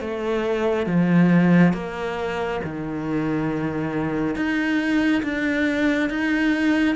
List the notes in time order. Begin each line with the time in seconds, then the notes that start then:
0.00 A3
0.86 F3
1.73 A#3
2.64 D#3
4.36 D#4
5.23 D4
6.09 D#4